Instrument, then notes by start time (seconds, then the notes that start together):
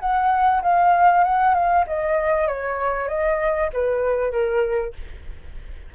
flute
0.00 F#5
0.62 F5
1.24 F#5
1.54 F5
1.87 D#5
2.47 C#5
3.08 D#5
3.73 B4
4.31 A#4